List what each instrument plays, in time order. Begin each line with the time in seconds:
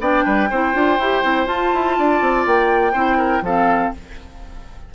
0.00 bassoon B3, clarinet D4, oboe D5, flute G5
0.25 bassoon G3, oboe B4
0.50 bassoon C4, clarinet E4, oboe C5
0.73 bassoon D4, clarinet F4
0.99 bassoon E4, clarinet G4
1.23 bassoon C4, clarinet E4
1.46 clarinet F4, bassoon F4, flute A5
1.74 bassoon E4
1.98 bassoon D4, oboe D5
2.21 bassoon C4
2.46 bassoon A#3, flute G5
2.92 bassoon C4, clarinet E4, oboe C5
3.17 oboe A#4
3.42 bassoon F3, clarinet C4, oboe A4, flute F5